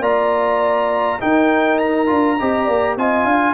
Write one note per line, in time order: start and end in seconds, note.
0.00 1.18 A#3
0.00 1.20 F4
0.00 1.19 D5
0.00 1.20 A#5
1.21 2.07 D#4
1.21 2.11 D#4
1.21 2.38 A#4
1.21 1.78 G5
1.78 2.96 A#5
2.07 2.40 D4
2.07 2.36 F4
2.40 2.68 C4
2.40 2.99 G4
2.40 2.65 D#5
2.65 2.97 A#3
2.65 2.95 D5
2.97 3.24 C4
2.97 3.54 F4
2.97 3.26 D#5
2.97 3.54 G#5
3.24 3.54 D4
3.24 3.54 F5